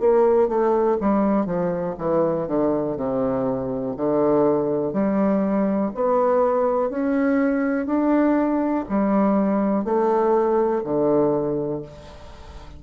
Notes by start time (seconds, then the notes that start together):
0.00 A#3
0.49 A3
1.01 G3
1.46 F3
1.99 E3
2.48 D3
2.97 C3
3.97 D3
4.93 G3
5.95 B3
6.90 C#4
7.86 D4
8.89 G3
9.85 A3
10.84 D3